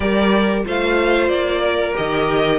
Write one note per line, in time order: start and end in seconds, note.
0.00 0.64 G3
0.00 0.64 G4
0.00 0.65 A#4
0.00 0.62 D5
0.64 1.28 A3
0.64 1.94 F4
0.64 1.61 C5
0.64 1.28 F5
1.28 1.94 A#3
1.28 1.94 D5
1.61 2.59 A#4
1.94 2.59 D#3
1.94 2.59 G4
1.94 2.59 D#5